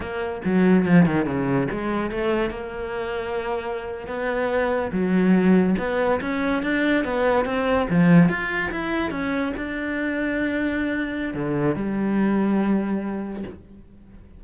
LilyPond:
\new Staff \with { instrumentName = "cello" } { \time 4/4 \tempo 4 = 143 ais4 fis4 f8 dis8 cis4 | gis4 a4 ais2~ | ais4.~ ais16 b2 fis16~ | fis4.~ fis16 b4 cis'4 d'16~ |
d'8. b4 c'4 f4 f'16~ | f'8. e'4 cis'4 d'4~ d'16~ | d'2. d4 | g1 | }